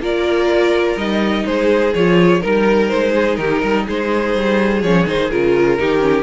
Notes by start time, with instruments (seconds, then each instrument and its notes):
0.00 cello A#3, viola F4, violin A#4 D5
0.96 cello G3, viola D#4, violin D#5
1.46 cello G#3, violin G#4 C5
1.94 cello F3, viola F4, violin C#5
2.41 cello G3, viola D#4, violin A#4
2.89 cello G#3, violin C5
3.16 violin G#4
3.36 cello D#3, violin G4 A#4
3.62 cello G3, violin A#4
3.87 cello G#3, violin G#4 C5
4.35 cello G3
4.83 cello F3, viola C#4, violin C#5
5.07 cello D#3, viola D#4, violin C5
5.31 cello C#3, viola F4, violin A#4
5.79 cello D#3, viola D#4, violin G4
6.00 viola C#4